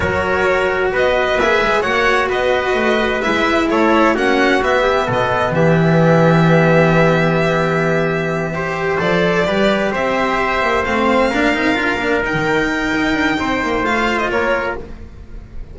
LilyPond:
<<
  \new Staff \with { instrumentName = "violin" } { \time 4/4 \tempo 4 = 130 cis''2 dis''4 e''4 | fis''4 dis''2 e''4 | cis''4 fis''4 e''4 dis''4 | e''1~ |
e''2.~ e''8 d''8~ | d''4. e''2 f''8~ | f''2~ f''8 g''4.~ | g''2 f''8. dis''16 cis''4 | }
  \new Staff \with { instrumentName = "trumpet" } { \time 4/4 ais'2 b'2 | cis''4 b'2. | a'4 fis'4. g'8 a'4 | g'1~ |
g'2~ g'8 c''4.~ | c''8 b'4 c''2~ c''8~ | c''8 ais'2.~ ais'8~ | ais'4 c''2 ais'4 | }
  \new Staff \with { instrumentName = "cello" } { \time 4/4 fis'2. gis'4 | fis'2. e'4~ | e'4 cis'4 b2~ | b1~ |
b2~ b8 g'4 a'8~ | a'8 g'2. c'8~ | c'8 d'8 dis'8 f'8 d'8 dis'4.~ | dis'2 f'2 | }
  \new Staff \with { instrumentName = "double bass" } { \time 4/4 fis2 b4 ais8 gis8 | ais4 b4 a4 gis4 | a4 ais4 b4 b,4 | e1~ |
e2.~ e8 f8~ | f8 g4 c'4. ais8 a8~ | a8 ais8 c'8 d'8 ais8 dis'16 dis4~ dis16 | dis'8 d'8 c'8 ais8 a4 ais4 | }
>>